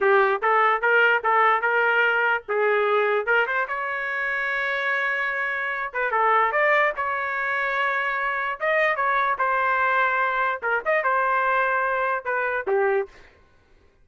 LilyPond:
\new Staff \with { instrumentName = "trumpet" } { \time 4/4 \tempo 4 = 147 g'4 a'4 ais'4 a'4 | ais'2 gis'2 | ais'8 c''8 cis''2.~ | cis''2~ cis''8 b'8 a'4 |
d''4 cis''2.~ | cis''4 dis''4 cis''4 c''4~ | c''2 ais'8 dis''8 c''4~ | c''2 b'4 g'4 | }